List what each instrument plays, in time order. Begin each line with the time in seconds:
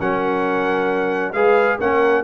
0.00 tuba F#3, trombone C#4, horn A#4, trumpet F#5
1.33 tuba G#3, trombone G#4, horn B4, trumpet F5
1.80 tuba A#3, trombone C#4, horn A#4, trumpet F#5